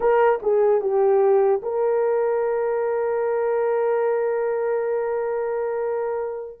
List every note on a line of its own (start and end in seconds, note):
0.00 0.39 A#4
0.42 0.81 G#4
0.81 1.61 G4
1.62 6.60 A#4